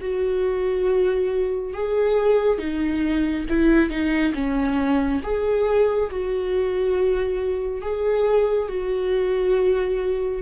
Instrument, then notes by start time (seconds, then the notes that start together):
viola
0.00 F#4
1.74 G#4
2.58 D#4
3.49 E4
3.89 D#4
4.34 C#4
5.23 G#4
6.10 F#4
7.81 G#4
8.68 F#4